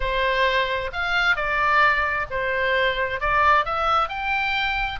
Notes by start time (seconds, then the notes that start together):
0.00 C5
0.92 F5
1.35 D5
2.30 C5
3.20 D5
3.65 E5
4.08 G5